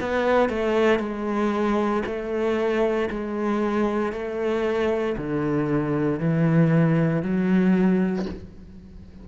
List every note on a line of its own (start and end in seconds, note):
0.00 0.49 B3
0.49 0.99 A3
0.99 2.03 G#3
2.06 3.09 A3
3.10 4.12 G#3
4.12 5.16 A3
5.17 6.20 D3
6.20 7.22 E3
7.22 8.26 F#3